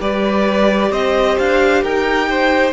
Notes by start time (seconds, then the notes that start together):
0.00 G3 G4 B4 D5
0.91 C4 C5 D#5
1.39 D4 F5
1.83 D#4 A#4 G5
2.30 C5